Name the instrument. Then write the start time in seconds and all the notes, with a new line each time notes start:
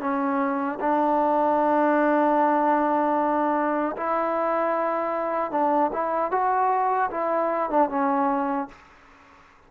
trombone
0.00 C#4
0.80 D4
3.97 E4
5.51 D4
5.93 E4
6.31 F#4
7.11 E4
7.70 D4
7.89 C#4